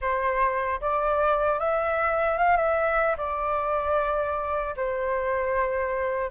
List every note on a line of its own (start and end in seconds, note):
0.01 0.80 C5
0.81 1.59 D5
1.59 2.38 E5
2.38 2.56 F5
2.56 3.15 E5
3.17 4.75 D5
4.76 6.30 C5